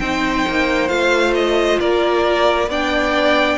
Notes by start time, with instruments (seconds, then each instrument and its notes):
0.00 cello C4, viola D#4, violin C5 G5
0.48 cello A#3
0.89 cello A3, viola F4, violin F5
1.35 violin D#5
1.80 cello A#3, violin A#4 D5
2.68 cello B3, viola D4, violin D5 G5